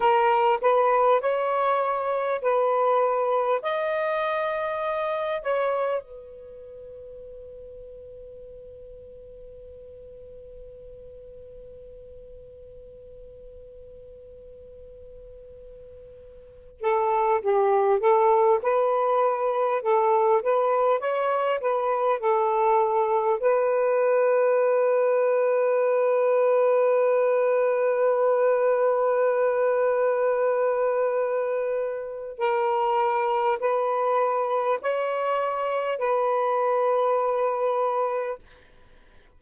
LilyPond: \new Staff \with { instrumentName = "saxophone" } { \time 4/4 \tempo 4 = 50 ais'8 b'8 cis''4 b'4 dis''4~ | dis''8 cis''8 b'2.~ | b'1~ | b'2 a'8 g'8 a'8 b'8~ |
b'8 a'8 b'8 cis''8 b'8 a'4 b'8~ | b'1~ | b'2. ais'4 | b'4 cis''4 b'2 | }